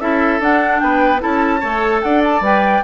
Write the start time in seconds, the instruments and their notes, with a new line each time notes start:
0.00 bassoon C#4, clarinet E4, oboe A4, flute E5
0.40 bassoon D4, clarinet D4, flute F#5
0.80 bassoon B3, oboe B4, flute G5
1.19 bassoon C#4, clarinet E4, oboe A4, flute A5
1.60 bassoon A3, clarinet A4, oboe C#5
2.02 bassoon D4, oboe D5, flute F#5
2.24 flute A5
2.41 bassoon G3, clarinet B4, flute G5